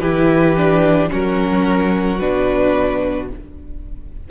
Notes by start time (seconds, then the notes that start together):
0.00 E3 E4 G4 B4
0.57 D4
1.10 F#3 C#4 F#4 A#4
2.20 B2 D4 B4